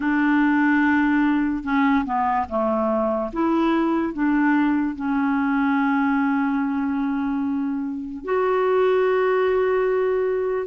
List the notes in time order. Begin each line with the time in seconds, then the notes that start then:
0.00 D4
1.63 C#4
2.05 B3
2.48 A3
3.33 E4
4.13 D4
4.95 C#4
8.24 F#4